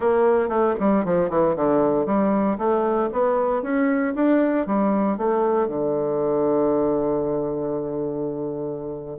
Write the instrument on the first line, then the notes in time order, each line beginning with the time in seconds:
bassoon
0.00 A#3
0.48 A3
0.79 G3
1.04 F3
1.29 E3
1.56 D3
2.05 G3
2.57 A3
3.12 B3
3.62 C#4
4.15 D4
4.66 G3
5.17 A3
5.68 D3